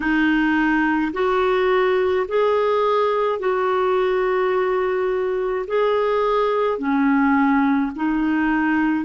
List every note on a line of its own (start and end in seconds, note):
0.00 1.12 D#4
1.13 2.26 F#4
2.27 3.39 G#4
3.39 5.65 F#4
5.67 6.78 G#4
6.78 7.91 C#4
7.96 9.05 D#4